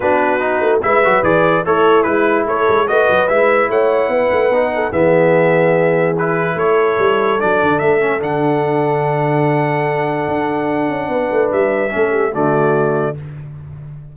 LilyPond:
<<
  \new Staff \with { instrumentName = "trumpet" } { \time 4/4 \tempo 4 = 146 b'2 e''4 d''4 | cis''4 b'4 cis''4 dis''4 | e''4 fis''2. | e''2. b'4 |
cis''2 d''4 e''4 | fis''1~ | fis''1 | e''2 d''2 | }
  \new Staff \with { instrumentName = "horn" } { \time 4/4 fis'2 b'2 | e'2 a'4 b'4~ | b'4 cis''4 b'4. a'8 | gis'1 |
a'1~ | a'1~ | a'2. b'4~ | b'4 a'8 g'8 fis'2 | }
  \new Staff \with { instrumentName = "trombone" } { \time 4/4 d'4 dis'4 e'8 fis'8 gis'4 | a'4 e'2 fis'4 | e'2. dis'4 | b2. e'4~ |
e'2 d'4. cis'8 | d'1~ | d'1~ | d'4 cis'4 a2 | }
  \new Staff \with { instrumentName = "tuba" } { \time 4/4 b4. a8 gis8 fis8 e4 | a4 gis4 a8 gis8 a8 fis8 | gis4 a4 b8 a8 b4 | e1 |
a4 g4 fis8 d8 a4 | d1~ | d4 d'4. cis'8 b8 a8 | g4 a4 d2 | }
>>